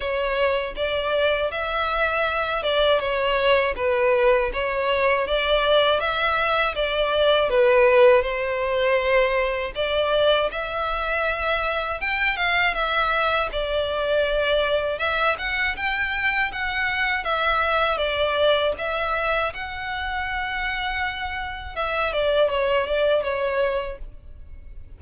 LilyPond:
\new Staff \with { instrumentName = "violin" } { \time 4/4 \tempo 4 = 80 cis''4 d''4 e''4. d''8 | cis''4 b'4 cis''4 d''4 | e''4 d''4 b'4 c''4~ | c''4 d''4 e''2 |
g''8 f''8 e''4 d''2 | e''8 fis''8 g''4 fis''4 e''4 | d''4 e''4 fis''2~ | fis''4 e''8 d''8 cis''8 d''8 cis''4 | }